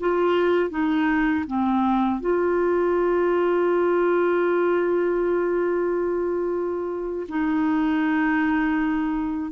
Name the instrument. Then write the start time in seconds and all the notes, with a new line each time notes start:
clarinet
0.00 F4
0.70 D#4
1.47 C4
2.20 F4
7.28 D#4